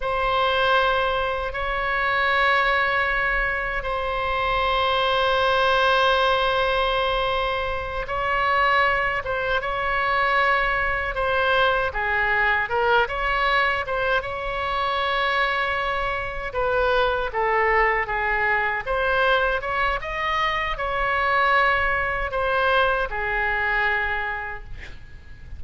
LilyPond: \new Staff \with { instrumentName = "oboe" } { \time 4/4 \tempo 4 = 78 c''2 cis''2~ | cis''4 c''2.~ | c''2~ c''8 cis''4. | c''8 cis''2 c''4 gis'8~ |
gis'8 ais'8 cis''4 c''8 cis''4.~ | cis''4. b'4 a'4 gis'8~ | gis'8 c''4 cis''8 dis''4 cis''4~ | cis''4 c''4 gis'2 | }